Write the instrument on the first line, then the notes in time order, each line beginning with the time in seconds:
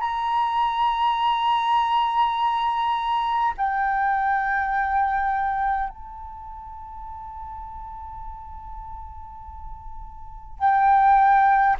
flute
0.00 A#5
3.57 G5
5.89 A5
10.58 G5